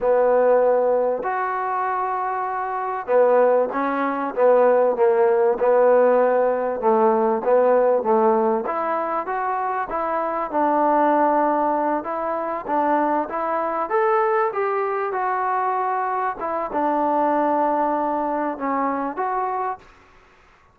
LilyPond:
\new Staff \with { instrumentName = "trombone" } { \time 4/4 \tempo 4 = 97 b2 fis'2~ | fis'4 b4 cis'4 b4 | ais4 b2 a4 | b4 a4 e'4 fis'4 |
e'4 d'2~ d'8 e'8~ | e'8 d'4 e'4 a'4 g'8~ | g'8 fis'2 e'8 d'4~ | d'2 cis'4 fis'4 | }